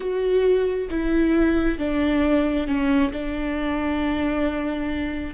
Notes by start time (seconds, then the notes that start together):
0.00 F#4
0.89 E4
1.78 D4
2.67 C#4
3.12 D4